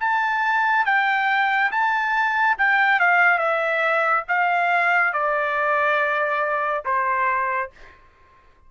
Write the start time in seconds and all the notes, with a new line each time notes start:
0.00 A5
0.85 G5
1.71 A5
2.58 G5
3.00 F5
3.38 E5
4.28 F5
5.13 D5
6.85 C5